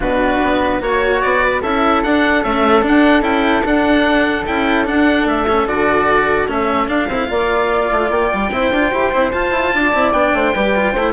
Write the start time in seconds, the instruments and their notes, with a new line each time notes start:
0.00 bassoon B2, cello D4, flute F#4, oboe B4
0.43 bassoon B3
0.80 bassoon A#3, cello F#4, oboe C#5, flute C#5
1.21 bassoon B3, oboe D5
1.43 flute B4
1.61 bassoon C#4, cello E4, flute A4, oboe E5
2.03 bassoon D4, cello D4, oboe F#5
2.43 cello A3, bassoon C#4, oboe E5
2.82 cello D4, bassoon D4, oboe F#5
3.21 bassoon C#4, cello E4, oboe G5
3.64 cello D4, bassoon D4, oboe F#5
4.46 bassoon C#4, cello E4, oboe G5
4.85 cello D4, bassoon D4, oboe F#5
5.26 bassoon A3, oboe E5
5.47 cello C#4
5.66 bassoon D3, cello F#4, oboe D5
6.47 bassoon A3, cello C#4, oboe E5
6.88 cello D4, bassoon D4, oboe F5
7.08 bassoon C4, cello E4
7.27 bassoon A#3, cello F4, flute D5
7.91 bassoon A3
8.09 bassoon A#3, oboe G5
8.33 bassoon G3
8.50 bassoon C4, cello E4, flute C5
8.71 bassoon D4, cello F4
8.91 bassoon E4, cello G4
9.12 bassoon C4, cello E4
9.31 cello F4, bassoon F4, oboe A5
9.50 bassoon E4
9.74 bassoon D4, flute D5
9.93 bassoon C4, cello E4
10.12 bassoon B3, cello D4, oboe G5
10.32 bassoon A3, flute C5
10.54 bassoon G3, cello G4, flute B4
10.75 cello F4
10.91 bassoon A3, flute C5
10.99 cello E4